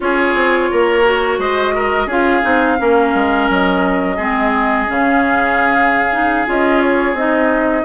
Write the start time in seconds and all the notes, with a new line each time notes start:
0.00 C#4 F4 G#4 C#5
0.34 C4
0.70 A#3 A#4
1.04 F#4
1.38 G#3 C5 D#5
1.74 A#4
2.06 C#4 F4 G#4 F5
2.42 C4 D#4
2.78 A#3 C#4 A#4
3.14 G#3
3.49 F#3 D#5
4.16 G#3 C4 G#4
4.86 C#3 C#4 F5
6.11 D#4
6.46 C#4 F4 D#5
6.80 C#5
7.13 C4 D#4 D#5